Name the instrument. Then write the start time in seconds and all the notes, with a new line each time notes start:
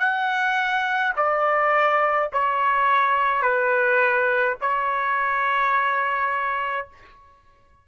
trumpet
0.00 F#5
1.16 D5
2.33 C#5
3.43 B4
4.61 C#5